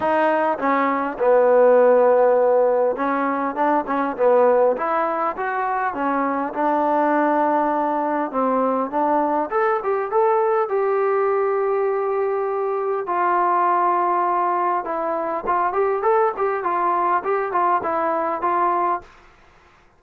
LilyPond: \new Staff \with { instrumentName = "trombone" } { \time 4/4 \tempo 4 = 101 dis'4 cis'4 b2~ | b4 cis'4 d'8 cis'8 b4 | e'4 fis'4 cis'4 d'4~ | d'2 c'4 d'4 |
a'8 g'8 a'4 g'2~ | g'2 f'2~ | f'4 e'4 f'8 g'8 a'8 g'8 | f'4 g'8 f'8 e'4 f'4 | }